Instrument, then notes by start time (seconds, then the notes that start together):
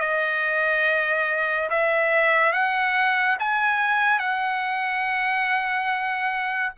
trumpet
0.00 D#5
1.69 E5
2.52 F#5
3.39 G#5
4.18 F#5